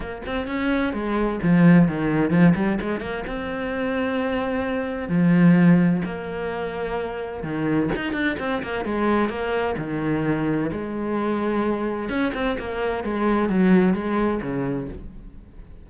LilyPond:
\new Staff \with { instrumentName = "cello" } { \time 4/4 \tempo 4 = 129 ais8 c'8 cis'4 gis4 f4 | dis4 f8 g8 gis8 ais8 c'4~ | c'2. f4~ | f4 ais2. |
dis4 dis'8 d'8 c'8 ais8 gis4 | ais4 dis2 gis4~ | gis2 cis'8 c'8 ais4 | gis4 fis4 gis4 cis4 | }